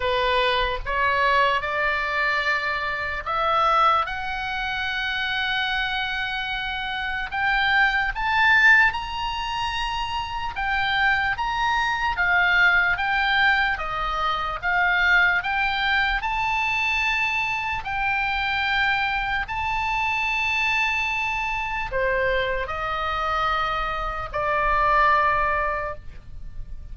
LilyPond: \new Staff \with { instrumentName = "oboe" } { \time 4/4 \tempo 4 = 74 b'4 cis''4 d''2 | e''4 fis''2.~ | fis''4 g''4 a''4 ais''4~ | ais''4 g''4 ais''4 f''4 |
g''4 dis''4 f''4 g''4 | a''2 g''2 | a''2. c''4 | dis''2 d''2 | }